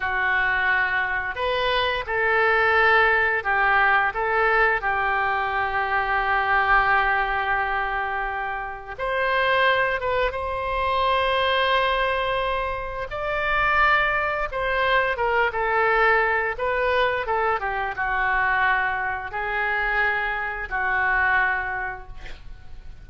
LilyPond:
\new Staff \with { instrumentName = "oboe" } { \time 4/4 \tempo 4 = 87 fis'2 b'4 a'4~ | a'4 g'4 a'4 g'4~ | g'1~ | g'4 c''4. b'8 c''4~ |
c''2. d''4~ | d''4 c''4 ais'8 a'4. | b'4 a'8 g'8 fis'2 | gis'2 fis'2 | }